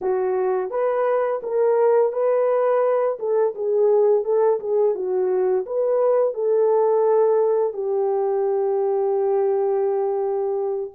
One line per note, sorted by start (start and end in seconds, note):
0.01 0.70 F#4
0.70 1.41 B4
1.42 2.12 A#4
2.12 3.18 B4
3.19 3.54 A4
3.54 4.24 G#4
4.24 4.59 A4
4.60 4.94 G#4
4.94 5.65 F#4
5.65 6.34 B4
6.34 7.73 A4
7.73 10.91 G4